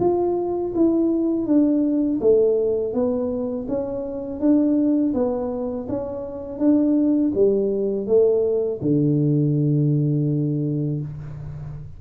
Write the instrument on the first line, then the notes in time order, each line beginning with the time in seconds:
tuba
0.00 F4
0.75 E4
1.46 D4
2.21 A3
2.93 B3
3.69 C#4
4.40 D4
5.14 B3
5.89 C#4
6.59 D4
7.35 G3
8.07 A3
8.81 D3